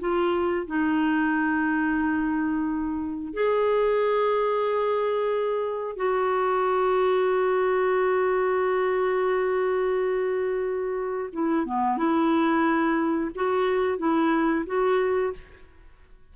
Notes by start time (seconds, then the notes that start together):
0.00 F4
0.67 D#4
3.33 G#4
5.96 F#4
11.33 E4
11.66 B3
11.97 E4
13.35 F#4
13.98 E4
14.66 F#4